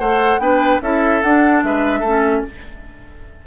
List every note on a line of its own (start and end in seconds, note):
0.00 0.39 A3
0.00 0.41 A4
0.00 0.41 C5
0.00 0.40 F#5
0.39 0.79 B3
0.39 0.81 D4
0.39 0.83 B4
0.39 0.81 G5
0.82 1.23 C#4
0.82 1.23 E4
0.82 1.65 A4
0.82 1.23 E5
1.23 1.64 D4
1.23 2.06 D4
1.23 1.63 F#5
1.64 2.02 G#3
1.64 2.00 B4
1.64 2.45 E5
2.00 2.43 A3
2.00 2.41 A4
2.06 2.47 C#4